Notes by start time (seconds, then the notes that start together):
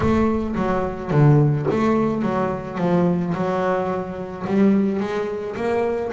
0.00 A3
0.55 F#3
1.10 D3
1.70 A3
2.22 F#3
2.78 F3
3.34 F#3
4.46 G3
5.00 G#3
5.56 A#3